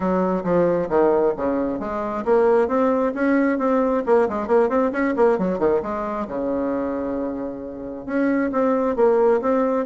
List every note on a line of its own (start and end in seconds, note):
0.00 0.43 F#3
0.44 0.88 F3
0.89 1.33 D#3
1.36 1.79 C#3
1.79 2.24 G#3
2.24 2.68 A#3
2.68 3.12 C4
3.14 3.58 C#4
3.58 4.03 C4
4.06 4.28 A#3
4.28 4.47 G#3
4.47 4.69 A#3
4.69 4.91 C4
4.92 5.14 C#4
5.16 5.38 A#3
5.38 5.58 F#3
5.58 5.81 D#3
5.82 6.27 G#3
6.27 8.06 C#3
8.06 8.51 C#4
8.52 8.96 C4
8.96 9.41 A#3
9.41 9.85 C4